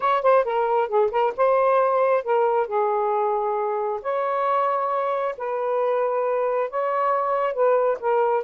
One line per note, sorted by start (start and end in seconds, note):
0.00 0.22 C#5
0.22 0.44 C5
0.44 0.88 A#4
0.88 1.10 G#4
1.11 1.33 A#4
1.36 2.23 C5
2.23 2.67 A#4
2.67 4.00 G#4
4.01 5.35 C#5
5.37 6.69 B4
6.69 7.53 C#5
7.53 7.98 B4
7.99 8.43 A#4